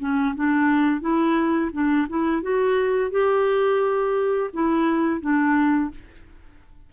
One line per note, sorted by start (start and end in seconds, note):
0.00 0.35 C#4
0.36 1.01 D4
1.01 1.71 E4
1.73 2.07 D4
2.09 2.42 E4
2.42 3.11 F#4
3.11 4.51 G4
4.53 5.21 E4
5.21 5.91 D4